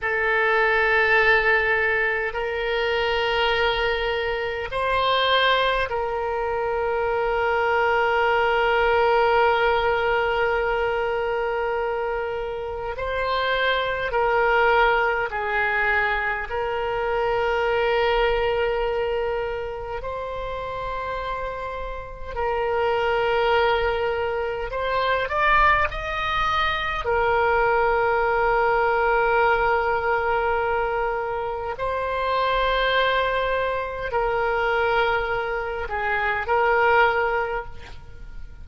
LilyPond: \new Staff \with { instrumentName = "oboe" } { \time 4/4 \tempo 4 = 51 a'2 ais'2 | c''4 ais'2.~ | ais'2. c''4 | ais'4 gis'4 ais'2~ |
ais'4 c''2 ais'4~ | ais'4 c''8 d''8 dis''4 ais'4~ | ais'2. c''4~ | c''4 ais'4. gis'8 ais'4 | }